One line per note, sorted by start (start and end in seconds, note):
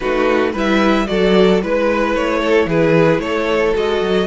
0.00 0.54 A3
0.00 0.54 D#4
0.00 0.52 F#4
0.00 0.53 B4
0.52 1.07 G3
0.52 1.06 E4
0.52 1.06 B4
0.52 1.07 E5
1.06 1.63 F#3
1.06 1.59 F#4
1.06 1.63 A4
1.06 1.60 D5
1.62 2.15 G#3
1.62 3.73 E4
1.62 2.15 B4
1.62 2.39 B4
2.15 2.65 A3
2.15 2.68 C#5
2.39 2.66 A4
2.65 3.19 E3
2.65 3.21 G#4
2.65 3.20 B4
3.19 3.73 A3
3.19 4.27 A4
3.19 3.74 C#5
3.73 4.01 G#3
3.73 4.27 F#4
3.73 4.27 D#5
4.01 4.27 F#3